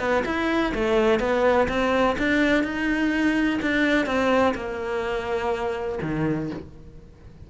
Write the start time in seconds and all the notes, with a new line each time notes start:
0.00 B3
0.26 E4
0.75 A3
1.20 B3
1.69 C4
2.19 D4
2.64 D#4
3.62 D4
4.06 C4
4.55 A#3
6.02 D#3